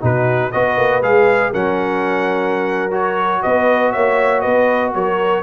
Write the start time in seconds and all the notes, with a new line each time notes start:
0.00 B2 D#4 F#4 B4
0.51 B3 F#4 B4 D#5
0.77 A#3
1.02 G#3 G#4 F5
1.51 F#3 C#4 A#4 F#5
2.91 F#4 C#5
3.42 B3 B4 D#5
3.92 A#3 C#5 E5
4.40 B3 B4 D#5
4.94 F#3 A#4 C#5